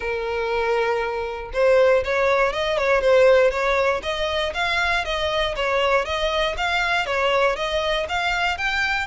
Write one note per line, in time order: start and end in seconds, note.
0.00 1.51 A#4
1.53 2.03 C5
2.04 2.52 C#5
2.52 2.77 D#5
2.77 3.01 C#5
3.01 3.50 C5
3.50 4.01 C#5
4.02 4.53 D#5
4.54 5.04 F5
5.04 5.55 D#5
5.56 6.05 C#5
6.05 6.55 D#5
6.57 7.06 F5
7.06 7.55 C#5
7.55 8.06 D#5
8.08 8.57 F5
8.57 9.07 G5